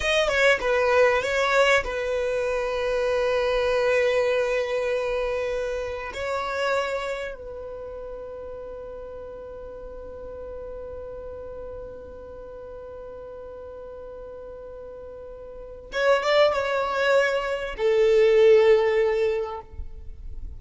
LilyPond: \new Staff \with { instrumentName = "violin" } { \time 4/4 \tempo 4 = 98 dis''8 cis''8 b'4 cis''4 b'4~ | b'1~ | b'2 cis''2 | b'1~ |
b'1~ | b'1~ | b'2 cis''8 d''8 cis''4~ | cis''4 a'2. | }